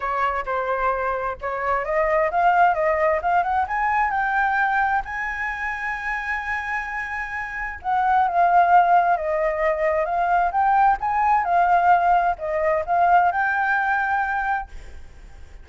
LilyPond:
\new Staff \with { instrumentName = "flute" } { \time 4/4 \tempo 4 = 131 cis''4 c''2 cis''4 | dis''4 f''4 dis''4 f''8 fis''8 | gis''4 g''2 gis''4~ | gis''1~ |
gis''4 fis''4 f''2 | dis''2 f''4 g''4 | gis''4 f''2 dis''4 | f''4 g''2. | }